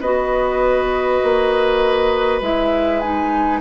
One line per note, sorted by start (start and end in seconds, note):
0.00 1.20 B3
0.00 2.42 F#4
0.00 3.60 B4
0.00 2.41 D#5
1.23 2.41 A#3
2.41 3.61 G#3
2.41 3.02 E4
2.41 3.00 E5
3.00 3.61 D#4
3.00 3.60 G#5